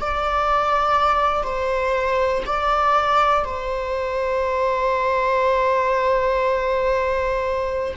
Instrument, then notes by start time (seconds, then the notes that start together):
viola
0.00 D5
1.43 C5
2.46 D5
3.45 C5